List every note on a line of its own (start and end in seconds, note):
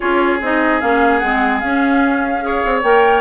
0.00 0.41 C#4
0.00 0.40 F4
0.00 2.44 G#4
0.00 0.39 C#5
0.41 0.81 C4
0.41 0.81 D#4
0.41 0.80 D#5
0.80 1.23 A#3
0.80 1.22 C#4
0.80 1.18 F5
1.18 1.62 G#3
1.18 1.63 C4
1.18 1.59 F#5
1.59 2.64 C#4
1.59 2.41 C#4
1.59 2.81 F5
2.41 2.81 G#4
2.41 3.21 C#5
2.64 2.83 C4
2.83 3.21 A#3
2.83 3.21 A#4
2.83 3.21 G5